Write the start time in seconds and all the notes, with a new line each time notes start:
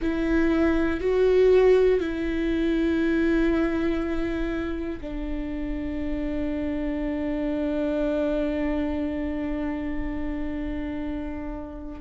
0.01 E4
1.00 F#4
2.00 E4
5.00 D4